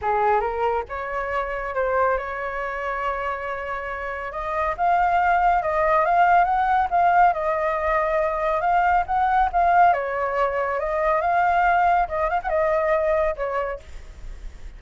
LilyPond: \new Staff \with { instrumentName = "flute" } { \time 4/4 \tempo 4 = 139 gis'4 ais'4 cis''2 | c''4 cis''2.~ | cis''2 dis''4 f''4~ | f''4 dis''4 f''4 fis''4 |
f''4 dis''2. | f''4 fis''4 f''4 cis''4~ | cis''4 dis''4 f''2 | dis''8 f''16 fis''16 dis''2 cis''4 | }